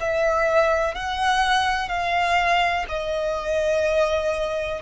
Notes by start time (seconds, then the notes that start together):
0.00 E5
0.94 F#5
1.88 F5
2.88 D#5